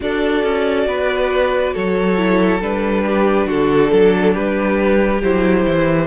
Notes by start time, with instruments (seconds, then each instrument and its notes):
0.00 cello D4, viola F#4, violin A4 D5
0.43 cello C#4
0.86 cello B3, violin B4
1.73 cello F#3, violin A4 C#5
2.17 viola E4
2.61 cello G3, viola D4, violin B4
3.04 violin G4
3.46 cello D3, violin F#4 A4
3.90 cello F#3, violin A4
4.33 cello G3, violin G4 B4
5.22 cello F#3, viola E4, violin C5
5.66 cello E3